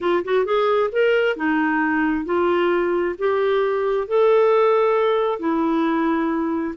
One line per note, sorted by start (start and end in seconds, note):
0.01 0.23 F4
0.24 0.45 F#4
0.45 0.90 G#4
0.92 1.36 A#4
1.36 2.25 D#4
2.25 3.15 F4
3.18 4.07 G4
4.07 5.39 A4
5.39 6.74 E4